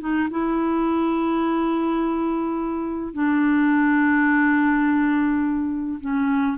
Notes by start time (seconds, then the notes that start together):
0.00 D#4
0.30 E4
3.14 D4
6.01 C#4